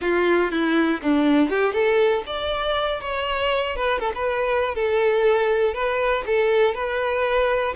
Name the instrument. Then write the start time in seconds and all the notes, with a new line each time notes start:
violin
0.01 F4
0.51 E4
1.02 D4
1.49 G4
1.73 A4
2.26 D5
3.00 C#5
3.75 B4
3.99 A4
4.15 B4
4.74 A4
5.73 B4
6.26 A4
6.74 B4